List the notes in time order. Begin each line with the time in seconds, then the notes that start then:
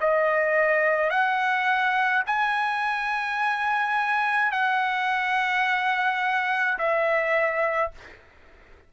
0.00 D#5
1.10 F#5
2.26 G#5
4.51 F#5
6.78 E5